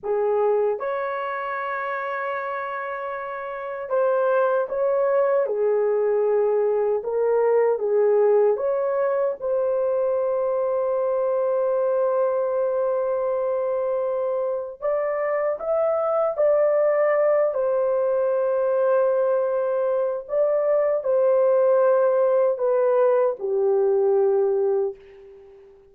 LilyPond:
\new Staff \with { instrumentName = "horn" } { \time 4/4 \tempo 4 = 77 gis'4 cis''2.~ | cis''4 c''4 cis''4 gis'4~ | gis'4 ais'4 gis'4 cis''4 | c''1~ |
c''2. d''4 | e''4 d''4. c''4.~ | c''2 d''4 c''4~ | c''4 b'4 g'2 | }